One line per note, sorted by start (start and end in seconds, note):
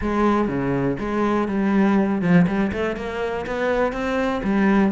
0.01 0.48 G#3
0.48 0.97 C#3
0.99 1.48 G#3
1.48 2.21 G3
2.21 2.46 F3
2.47 2.71 G3
2.72 2.96 A3
2.96 3.45 A#3
3.46 3.92 B3
3.92 4.41 C4
4.43 4.91 G3